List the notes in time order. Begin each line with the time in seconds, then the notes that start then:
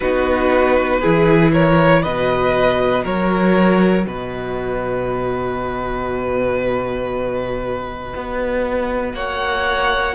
0.00 B3 D#4 F#4 B4
1.00 E3 E4 G#4
1.52 A#4 C#5
2.01 B2 F#4 B4 D#5
3.03 F#3 A#4 C#5
4.06 B2 B4 D#5
8.15 B3
9.13 A#3 C#5 F#5